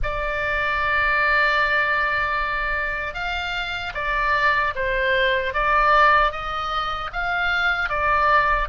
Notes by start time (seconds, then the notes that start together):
0.03 D5
3.14 F5
3.94 D5
4.75 C5
5.53 D5
6.31 D#5
7.13 F5
7.89 D5